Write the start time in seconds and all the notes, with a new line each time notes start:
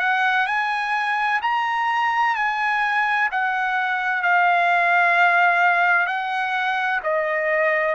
0.00 F#5
0.47 G#5
1.42 A#5
2.36 G#5
3.32 F#5
4.23 F5
6.07 F#5
7.04 D#5